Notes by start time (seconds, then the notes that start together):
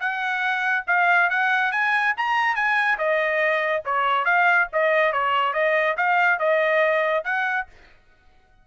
0.00 F#5
0.88 F5
1.30 F#5
1.72 G#5
2.17 A#5
2.56 G#5
2.98 D#5
3.85 C#5
4.26 F5
4.73 D#5
5.13 C#5
5.54 D#5
5.97 F5
6.39 D#5
7.25 F#5